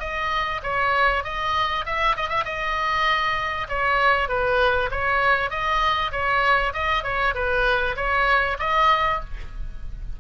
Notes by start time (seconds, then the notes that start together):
0.00 D#5
0.63 C#5
1.24 D#5
1.86 E5
2.17 D#5
2.29 E5
2.45 D#5
3.69 C#5
4.29 B4
4.91 C#5
5.51 D#5
6.12 C#5
6.74 D#5
7.04 C#5
7.35 B4
7.96 C#5
8.59 D#5